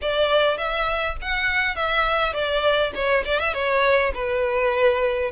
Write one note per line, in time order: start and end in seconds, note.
0.01 0.57 D5
0.57 1.16 E5
1.21 1.75 F#5
1.75 2.33 E5
2.33 2.92 D5
2.94 3.24 C#5
3.25 3.39 D5
3.39 3.53 E5
3.53 4.12 C#5
4.14 5.31 B4